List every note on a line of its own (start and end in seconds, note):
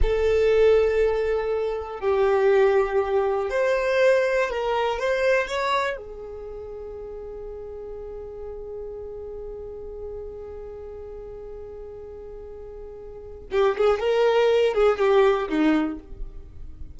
0.02 2.00 A4
2.00 3.50 G4
3.50 4.50 C5
4.50 4.99 A#4
4.99 5.47 C5
5.47 5.97 C#5
5.97 13.47 G#4
13.51 13.76 G4
13.77 13.99 G#4
13.99 14.74 A#4
14.74 14.98 G#4
14.98 15.48 G4
15.48 15.98 D#4